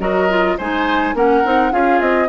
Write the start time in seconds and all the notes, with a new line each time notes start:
0.00 F#3 F#4 A#4 D#5
0.30 F4
0.58 G#3 D#4 C5 G#5
1.14 A#3 C#4 A#4 F#5
1.44 C4 D#4
1.72 C#4 F4 G#4 F5
2.00 C4 D#5